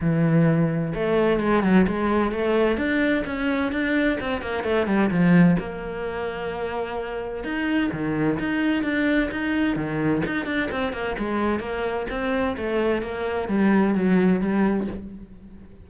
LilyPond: \new Staff \with { instrumentName = "cello" } { \time 4/4 \tempo 4 = 129 e2 a4 gis8 fis8 | gis4 a4 d'4 cis'4 | d'4 c'8 ais8 a8 g8 f4 | ais1 |
dis'4 dis4 dis'4 d'4 | dis'4 dis4 dis'8 d'8 c'8 ais8 | gis4 ais4 c'4 a4 | ais4 g4 fis4 g4 | }